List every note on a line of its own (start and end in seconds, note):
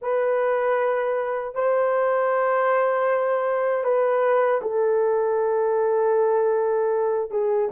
0.01 1.54 B4
1.54 3.84 C5
3.84 4.60 B4
4.62 7.30 A4
7.30 7.69 G#4